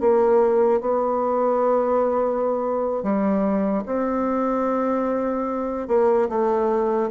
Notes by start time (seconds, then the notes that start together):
0.00 A#3
0.80 B3
3.03 G3
3.86 C4
5.87 A#3
6.28 A3